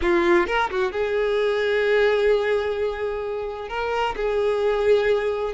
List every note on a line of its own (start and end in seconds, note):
0.01 0.46 F4
0.46 0.69 A#4
0.70 0.91 F#4
0.91 3.68 G#4
3.69 4.15 A#4
4.16 5.53 G#4